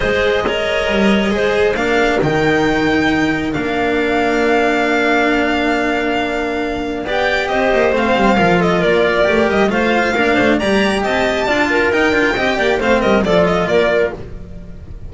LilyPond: <<
  \new Staff \with { instrumentName = "violin" } { \time 4/4 \tempo 4 = 136 dis''1 | f''4 g''2. | f''1~ | f''1 |
g''4 dis''4 f''4. dis''8 | d''4. dis''8 f''2 | ais''4 a''2 g''4~ | g''4 f''8 dis''8 d''8 dis''8 d''4 | }
  \new Staff \with { instrumentName = "clarinet" } { \time 4/4 c''4 cis''2 c''4 | ais'1~ | ais'1~ | ais'1 |
d''4 c''2 ais'8 a'8 | ais'2 c''4 ais'8 c''8 | d''4 dis''4 d''8 ais'4. | dis''8 d''8 c''8 ais'8 a'4 ais'4 | }
  \new Staff \with { instrumentName = "cello" } { \time 4/4 gis'4 ais'2 gis'4 | d'4 dis'2. | d'1~ | d'1 |
g'2 c'4 f'4~ | f'4 g'4 f'4 d'4 | g'2 f'4 dis'8 f'8 | g'4 c'4 f'2 | }
  \new Staff \with { instrumentName = "double bass" } { \time 4/4 gis2 g4 gis4 | ais4 dis2. | ais1~ | ais1 |
b4 c'8 ais8 a8 g8 f4 | ais4 a8 g8 a4 ais8 a8 | g4 c'4 d'4 dis'8 d'8 | c'8 ais8 a8 g8 f4 ais4 | }
>>